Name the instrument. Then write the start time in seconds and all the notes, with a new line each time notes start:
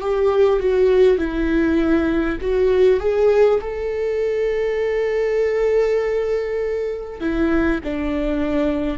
viola
0.00 G4
0.59 F#4
1.17 E4
2.41 F#4
3.00 G#4
3.60 A4
7.20 E4
7.83 D4